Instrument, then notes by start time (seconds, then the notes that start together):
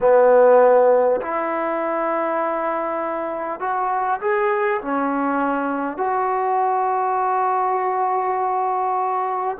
trombone
0.00 B3
1.21 E4
3.60 F#4
4.21 G#4
4.81 C#4
5.97 F#4